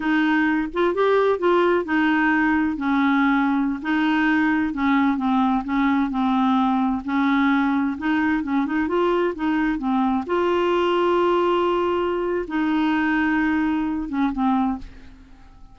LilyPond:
\new Staff \with { instrumentName = "clarinet" } { \time 4/4 \tempo 4 = 130 dis'4. f'8 g'4 f'4 | dis'2 cis'2~ | cis'16 dis'2 cis'4 c'8.~ | c'16 cis'4 c'2 cis'8.~ |
cis'4~ cis'16 dis'4 cis'8 dis'8 f'8.~ | f'16 dis'4 c'4 f'4.~ f'16~ | f'2. dis'4~ | dis'2~ dis'8 cis'8 c'4 | }